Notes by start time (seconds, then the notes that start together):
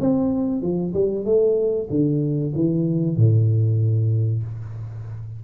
0.00 C4
0.61 F3
0.94 G3
1.25 A3
1.89 D3
2.55 E3
3.16 A2